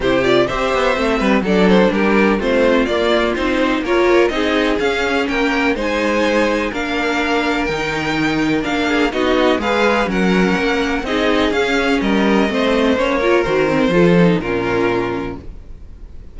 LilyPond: <<
  \new Staff \with { instrumentName = "violin" } { \time 4/4 \tempo 4 = 125 c''8 d''8 e''2 d''8 c''8 | ais'4 c''4 d''4 c''4 | cis''4 dis''4 f''4 g''4 | gis''2 f''2 |
g''2 f''4 dis''4 | f''4 fis''2 dis''4 | f''4 dis''2 cis''4 | c''2 ais'2 | }
  \new Staff \with { instrumentName = "violin" } { \time 4/4 g'4 c''4. b'8 a'4 | g'4 f'2. | ais'4 gis'2 ais'4 | c''2 ais'2~ |
ais'2~ ais'8 gis'8 fis'4 | b'4 ais'2 gis'4~ | gis'4 ais'4 c''4. ais'8~ | ais'4 a'4 f'2 | }
  \new Staff \with { instrumentName = "viola" } { \time 4/4 e'8 f'8 g'4 c'4 d'4~ | d'4 c'4 ais4 dis'4 | f'4 dis'4 cis'2 | dis'2 d'2 |
dis'2 d'4 dis'4 | gis'4 cis'2 dis'4 | cis'2 c'4 cis'8 f'8 | fis'8 c'8 f'8 dis'8 cis'2 | }
  \new Staff \with { instrumentName = "cello" } { \time 4/4 c4 c'8 b8 a8 g8 fis4 | g4 a4 ais4 c'4 | ais4 c'4 cis'4 ais4 | gis2 ais2 |
dis2 ais4 b4 | gis4 fis4 ais4 c'4 | cis'4 g4 a4 ais4 | dis4 f4 ais,2 | }
>>